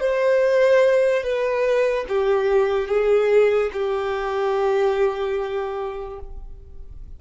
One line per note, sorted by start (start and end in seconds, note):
0.00 1.23 C5
1.23 2.05 B4
2.08 2.88 G4
2.88 3.70 G#4
3.73 6.20 G4